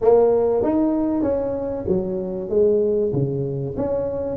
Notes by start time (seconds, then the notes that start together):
0.01 A#3
0.62 D#4
1.22 C#4
1.88 F#3
2.49 G#3
3.12 C#3
3.76 C#4